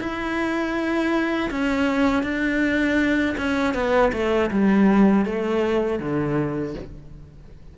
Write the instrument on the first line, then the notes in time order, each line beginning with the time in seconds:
cello
0.00 E4
1.50 C#4
2.23 D4
3.37 C#4
3.74 B3
4.12 A3
4.50 G3
5.25 A3
5.99 D3